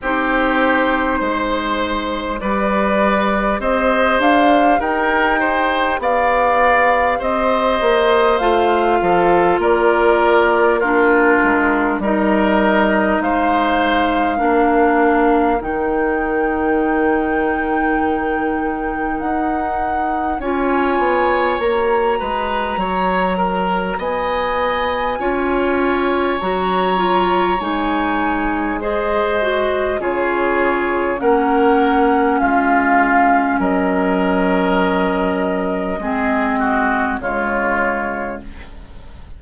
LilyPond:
<<
  \new Staff \with { instrumentName = "flute" } { \time 4/4 \tempo 4 = 50 c''2 d''4 dis''8 f''8 | g''4 f''4 dis''4 f''4 | d''4 ais'4 dis''4 f''4~ | f''4 g''2. |
fis''4 gis''4 ais''2 | gis''2 ais''4 gis''4 | dis''4 cis''4 fis''4 f''4 | dis''2. cis''4 | }
  \new Staff \with { instrumentName = "oboe" } { \time 4/4 g'4 c''4 b'4 c''4 | ais'8 c''8 d''4 c''4. a'8 | ais'4 f'4 ais'4 c''4 | ais'1~ |
ais'4 cis''4. b'8 cis''8 ais'8 | dis''4 cis''2. | c''4 gis'4 ais'4 f'4 | ais'2 gis'8 fis'8 f'4 | }
  \new Staff \with { instrumentName = "clarinet" } { \time 4/4 dis'2 g'2~ | g'2. f'4~ | f'4 d'4 dis'2 | d'4 dis'2.~ |
dis'4 f'4 fis'2~ | fis'4 f'4 fis'8 f'8 dis'4 | gis'8 fis'8 f'4 cis'2~ | cis'2 c'4 gis4 | }
  \new Staff \with { instrumentName = "bassoon" } { \time 4/4 c'4 gis4 g4 c'8 d'8 | dis'4 b4 c'8 ais8 a8 f8 | ais4. gis8 g4 gis4 | ais4 dis2. |
dis'4 cis'8 b8 ais8 gis8 fis4 | b4 cis'4 fis4 gis4~ | gis4 cis4 ais4 gis4 | fis2 gis4 cis4 | }
>>